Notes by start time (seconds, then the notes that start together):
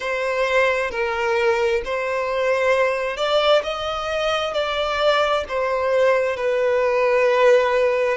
0.00 C5
0.90 A#4
1.84 C5
3.17 D5
3.63 D#5
4.53 D5
5.48 C5
6.36 B4